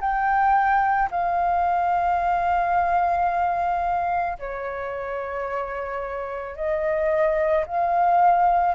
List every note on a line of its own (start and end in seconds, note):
0.00 1.09 G5
1.11 4.38 F5
4.38 6.56 C#5
6.56 7.65 D#5
7.66 8.74 F5